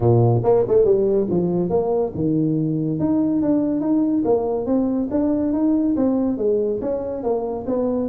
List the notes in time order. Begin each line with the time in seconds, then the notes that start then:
0.00 A#2
0.43 A#3
0.68 A3
0.84 G3
1.30 F3
1.69 A#3
2.14 D#3
2.99 D#4
3.42 D4
3.80 D#4
4.24 A#3
4.66 C4
5.10 D4
5.53 D#4
5.96 C4
6.37 G#3
6.81 C#4
7.23 A#3
7.67 B3